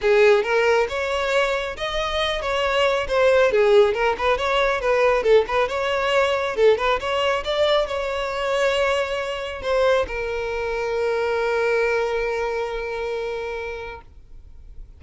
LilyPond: \new Staff \with { instrumentName = "violin" } { \time 4/4 \tempo 4 = 137 gis'4 ais'4 cis''2 | dis''4. cis''4. c''4 | gis'4 ais'8 b'8 cis''4 b'4 | a'8 b'8 cis''2 a'8 b'8 |
cis''4 d''4 cis''2~ | cis''2 c''4 ais'4~ | ais'1~ | ais'1 | }